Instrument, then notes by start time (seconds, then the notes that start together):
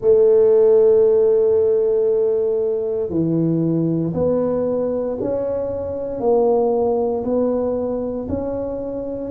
tuba
0.00 A3
3.09 E3
4.14 B3
5.21 C#4
6.20 A#3
7.24 B3
8.28 C#4